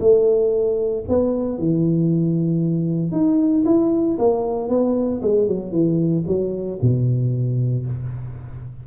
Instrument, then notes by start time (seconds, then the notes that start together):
tuba
0.00 A3
1.08 B3
1.58 E3
3.12 D#4
3.65 E4
4.18 A#3
4.69 B3
5.22 G#3
5.48 F#3
5.72 E3
6.27 F#3
6.82 B2